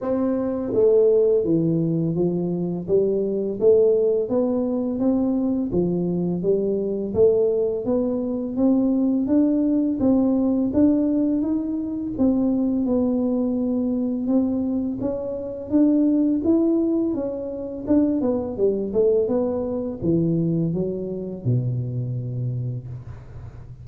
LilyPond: \new Staff \with { instrumentName = "tuba" } { \time 4/4 \tempo 4 = 84 c'4 a4 e4 f4 | g4 a4 b4 c'4 | f4 g4 a4 b4 | c'4 d'4 c'4 d'4 |
dis'4 c'4 b2 | c'4 cis'4 d'4 e'4 | cis'4 d'8 b8 g8 a8 b4 | e4 fis4 b,2 | }